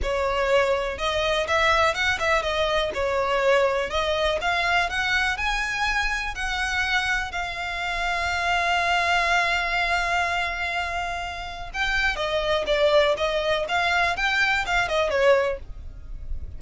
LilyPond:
\new Staff \with { instrumentName = "violin" } { \time 4/4 \tempo 4 = 123 cis''2 dis''4 e''4 | fis''8 e''8 dis''4 cis''2 | dis''4 f''4 fis''4 gis''4~ | gis''4 fis''2 f''4~ |
f''1~ | f''1 | g''4 dis''4 d''4 dis''4 | f''4 g''4 f''8 dis''8 cis''4 | }